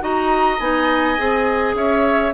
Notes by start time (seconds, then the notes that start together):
0.00 D#4 F#4 D#5 A#5
0.59 B3 D#4 G#5
1.17 C4 G#4
1.74 C#4 C#5 E5